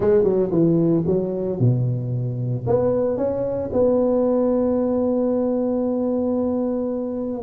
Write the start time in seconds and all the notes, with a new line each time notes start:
0.00 G#3
0.23 F#3
0.51 E3
1.06 F#3
1.59 B2
2.66 B3
3.17 C#4
3.72 B3